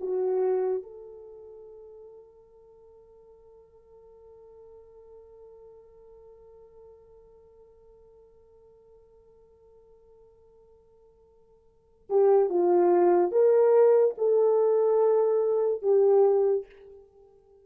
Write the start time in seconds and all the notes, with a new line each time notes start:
0.00 F#4
0.83 A4
12.09 G4
12.50 F4
13.31 A#4
14.17 A4
15.82 G4